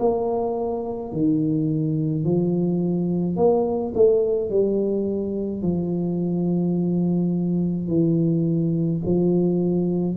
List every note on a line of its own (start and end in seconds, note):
0.00 1.12 A#3
1.12 2.25 D#3
2.25 3.37 F3
3.37 3.93 A#3
3.95 4.50 A3
4.50 5.62 G3
5.62 7.88 F3
7.88 9.02 E3
9.05 10.17 F3